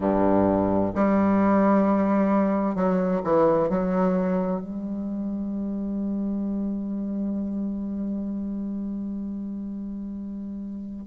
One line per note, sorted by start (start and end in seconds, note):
0.00 0.92 G2
0.94 2.74 G3
2.74 3.21 F#3
3.23 3.69 E3
3.69 4.60 F#3
4.60 11.06 G3